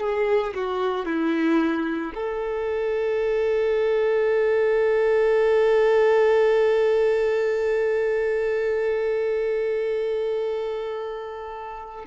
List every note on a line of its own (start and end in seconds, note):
0.00 0.54 G#4
0.54 1.05 F#4
1.05 2.12 E4
2.14 12.05 A4